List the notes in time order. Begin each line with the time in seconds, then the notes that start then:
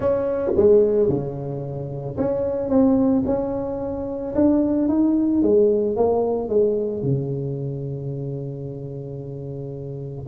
0.00 C#4
0.56 G#3
1.08 C#3
2.17 C#4
2.69 C4
3.26 C#4
4.35 D4
4.88 D#4
5.42 G#3
5.96 A#3
6.49 G#3
7.02 C#3